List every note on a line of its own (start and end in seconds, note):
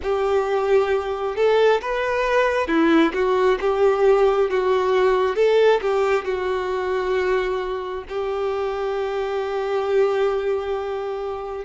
0.02 1.36 G4
1.36 1.80 A4
1.81 2.67 B4
2.67 3.12 E4
3.13 3.58 F#4
3.60 4.49 G4
4.49 5.35 F#4
5.35 5.80 A4
5.81 6.24 G4
6.24 8.04 F#4
8.08 11.64 G4